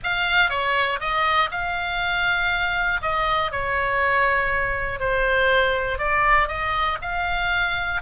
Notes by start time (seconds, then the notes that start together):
0.03 F5
0.49 C#5
1.00 D#5
1.51 F5
3.01 D#5
3.51 C#5
4.99 C5
5.98 D5
6.48 D#5
7.01 F5